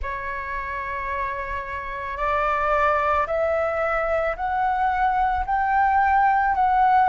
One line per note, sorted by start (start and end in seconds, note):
0.02 2.17 C#5
2.17 3.26 D5
3.27 4.36 E5
4.36 5.45 F#5
5.45 6.55 G5
6.55 7.09 F#5